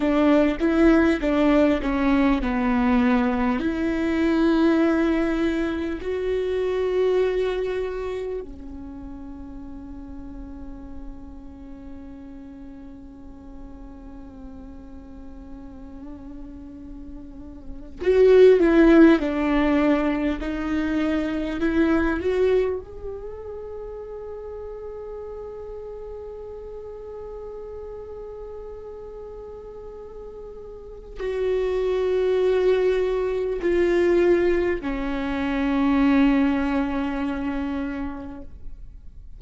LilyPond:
\new Staff \with { instrumentName = "viola" } { \time 4/4 \tempo 4 = 50 d'8 e'8 d'8 cis'8 b4 e'4~ | e'4 fis'2 cis'4~ | cis'1~ | cis'2. fis'8 e'8 |
d'4 dis'4 e'8 fis'8 gis'4~ | gis'1~ | gis'2 fis'2 | f'4 cis'2. | }